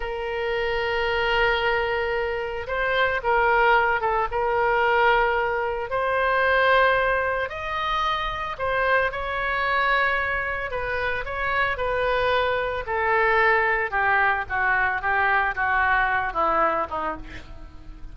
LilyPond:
\new Staff \with { instrumentName = "oboe" } { \time 4/4 \tempo 4 = 112 ais'1~ | ais'4 c''4 ais'4. a'8 | ais'2. c''4~ | c''2 dis''2 |
c''4 cis''2. | b'4 cis''4 b'2 | a'2 g'4 fis'4 | g'4 fis'4. e'4 dis'8 | }